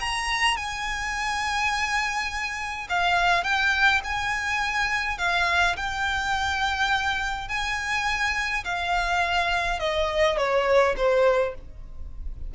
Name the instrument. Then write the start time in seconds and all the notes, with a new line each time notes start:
violin
0.00 A#5
0.57 G#5
2.89 F5
3.44 G5
4.04 G#5
5.18 F5
5.76 G5
7.49 G#5
8.65 F5
9.80 D#5
10.37 C#5
10.97 C5